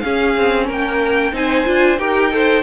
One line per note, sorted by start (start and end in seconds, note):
0.00 1.33 C#4
0.00 0.37 C#4
0.00 0.66 G#4
0.00 0.65 F5
0.37 0.69 C4
0.66 1.32 A#3
0.66 1.32 A#4
0.66 1.35 G5
1.32 1.65 C4
1.32 1.65 D#4
1.32 2.00 C5
1.32 1.98 G#5
1.65 1.99 D4
1.65 1.97 F4
1.98 2.63 D#4
1.98 2.31 G4
1.98 2.32 A#4
1.98 2.63 G5
2.32 2.63 A4
2.32 2.63 C5